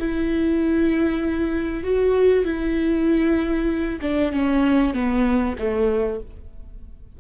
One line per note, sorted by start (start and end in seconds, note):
0.00 1.84 E4
1.84 2.45 F#4
2.45 4.00 E4
4.02 4.33 D4
4.33 4.94 C#4
4.94 5.56 B3
5.59 6.21 A3